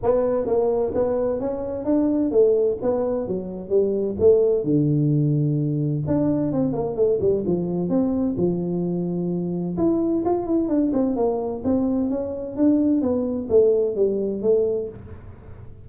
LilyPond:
\new Staff \with { instrumentName = "tuba" } { \time 4/4 \tempo 4 = 129 b4 ais4 b4 cis'4 | d'4 a4 b4 fis4 | g4 a4 d2~ | d4 d'4 c'8 ais8 a8 g8 |
f4 c'4 f2~ | f4 e'4 f'8 e'8 d'8 c'8 | ais4 c'4 cis'4 d'4 | b4 a4 g4 a4 | }